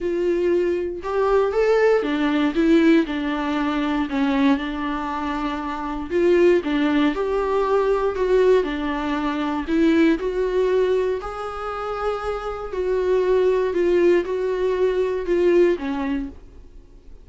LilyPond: \new Staff \with { instrumentName = "viola" } { \time 4/4 \tempo 4 = 118 f'2 g'4 a'4 | d'4 e'4 d'2 | cis'4 d'2. | f'4 d'4 g'2 |
fis'4 d'2 e'4 | fis'2 gis'2~ | gis'4 fis'2 f'4 | fis'2 f'4 cis'4 | }